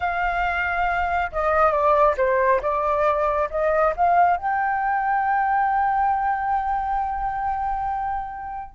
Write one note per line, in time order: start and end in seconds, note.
0.00 1.31 F5
1.32 1.71 D#5
1.71 2.15 D5
2.17 2.60 C5
2.61 3.49 D5
3.50 3.94 D#5
3.96 4.37 F5
4.37 8.75 G5